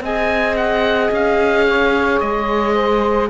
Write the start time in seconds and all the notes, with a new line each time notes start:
0.00 C4 G#4 D#5 G#5
0.56 F#5
1.11 C#4 F5
1.67 C#5
2.20 G#3 D#5
2.74 C5